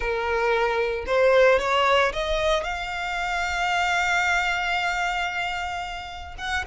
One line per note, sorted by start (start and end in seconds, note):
0.00 1.04 A#4
1.06 1.59 C5
1.59 2.12 C#5
2.12 2.63 D#5
2.63 6.35 F5
6.38 6.64 F#5